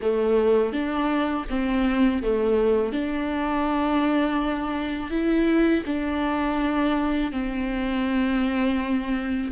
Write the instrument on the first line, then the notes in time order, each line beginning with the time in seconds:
viola
0.01 A3
0.73 D4
1.49 C4
2.22 A3
2.92 D4
5.10 E4
5.85 D4
7.32 C4